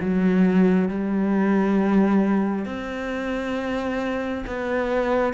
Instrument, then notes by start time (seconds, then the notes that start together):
cello
0.00 F#3
0.88 G3
2.65 C4
4.46 B3